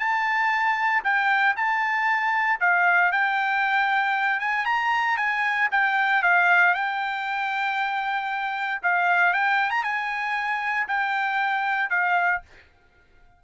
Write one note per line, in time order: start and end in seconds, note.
0.00 1.03 A5
1.04 1.56 G5
1.57 2.60 A5
2.61 3.12 F5
3.12 4.40 G5
4.40 4.66 G#5
4.66 5.17 A#5
5.17 5.69 G#5
5.72 6.23 G5
6.23 6.75 F5
6.75 8.81 G5
8.83 9.34 F5
9.34 9.71 G5
9.71 9.84 A#5
9.84 10.87 G#5
10.88 11.90 G5
11.90 12.42 F5